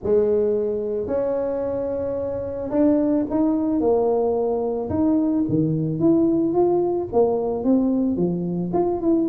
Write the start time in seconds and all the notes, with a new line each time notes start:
0.03 G#3
1.07 C#4
2.70 D4
3.30 D#4
3.80 A#3
4.89 D#4
5.48 D#3
5.99 E4
6.53 F4
7.12 A#3
7.64 C4
8.16 F3
8.73 F4
9.00 E4